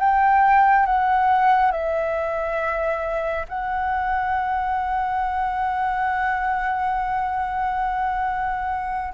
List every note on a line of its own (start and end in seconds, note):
0.00 0.86 G5
0.86 1.72 F#5
1.72 3.46 E5
3.49 9.14 F#5